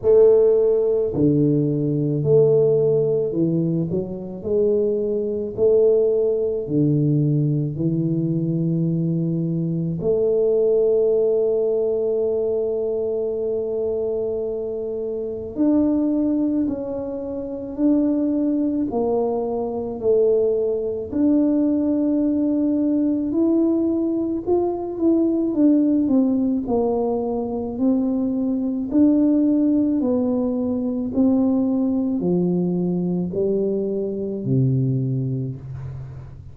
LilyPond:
\new Staff \with { instrumentName = "tuba" } { \time 4/4 \tempo 4 = 54 a4 d4 a4 e8 fis8 | gis4 a4 d4 e4~ | e4 a2.~ | a2 d'4 cis'4 |
d'4 ais4 a4 d'4~ | d'4 e'4 f'8 e'8 d'8 c'8 | ais4 c'4 d'4 b4 | c'4 f4 g4 c4 | }